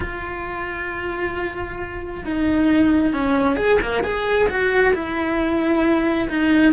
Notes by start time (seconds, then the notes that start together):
0.00 F4
2.24 D#4
3.13 C#4
3.56 G#4
3.81 A#3
4.03 G#4
4.48 F#4
4.94 E4
6.29 D#4